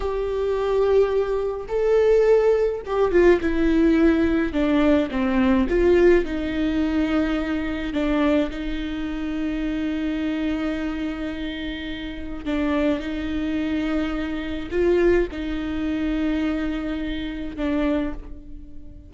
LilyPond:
\new Staff \with { instrumentName = "viola" } { \time 4/4 \tempo 4 = 106 g'2. a'4~ | a'4 g'8 f'8 e'2 | d'4 c'4 f'4 dis'4~ | dis'2 d'4 dis'4~ |
dis'1~ | dis'2 d'4 dis'4~ | dis'2 f'4 dis'4~ | dis'2. d'4 | }